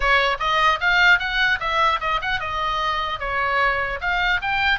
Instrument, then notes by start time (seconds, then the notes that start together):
oboe
0.00 C#5
0.39 D#5
0.80 F5
1.19 F#5
1.60 E5
2.00 D#5
2.21 F#5
2.40 D#5
3.19 C#5
4.00 F5
4.41 G5